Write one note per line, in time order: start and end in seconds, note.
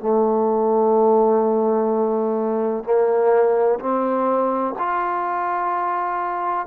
0.00 2.84 A3
2.84 3.79 A#3
3.80 4.75 C4
4.79 6.67 F4